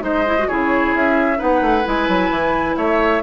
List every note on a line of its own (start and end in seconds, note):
0.00 0.46 G#3
0.00 0.23 D#4
0.00 0.48 C5
0.00 0.48 D#5
0.26 0.37 E4
0.38 0.49 F#4
0.48 0.94 C#3
0.48 1.36 E4
0.48 1.38 G#4
0.48 0.94 C#5
0.94 1.39 C#4
0.94 1.40 E5
1.36 1.61 B3
1.36 1.82 D#4
1.36 2.75 B4
1.36 1.86 F#5
1.61 1.84 A3
1.84 2.08 G#3
1.84 3.22 E4
1.84 2.76 G#5
2.08 2.30 F#3
2.30 2.76 E3
2.76 3.22 A3
2.76 3.22 C#5
2.76 3.22 E5